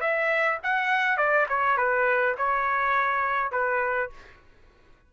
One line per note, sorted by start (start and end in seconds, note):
0.00 0.58 E5
0.63 1.17 F#5
1.17 1.46 D5
1.49 1.77 C#5
1.77 2.35 B4
2.37 3.51 C#5
3.51 4.10 B4